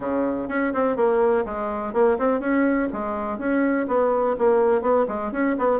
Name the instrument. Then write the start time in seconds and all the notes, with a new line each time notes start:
bassoon
0.00 C#3
0.48 C#4
0.73 C4
0.96 A#3
1.45 G#3
1.93 A#3
2.18 C4
2.40 C#4
2.93 G#3
3.38 C#4
3.87 B3
4.38 A#3
4.81 B3
5.08 G#3
5.31 C#4
5.58 B3